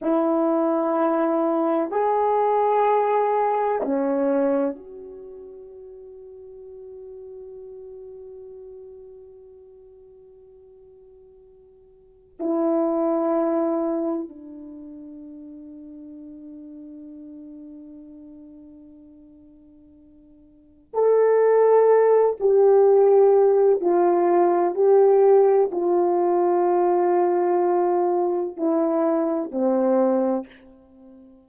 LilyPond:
\new Staff \with { instrumentName = "horn" } { \time 4/4 \tempo 4 = 63 e'2 gis'2 | cis'4 fis'2.~ | fis'1~ | fis'4 e'2 d'4~ |
d'1~ | d'2 a'4. g'8~ | g'4 f'4 g'4 f'4~ | f'2 e'4 c'4 | }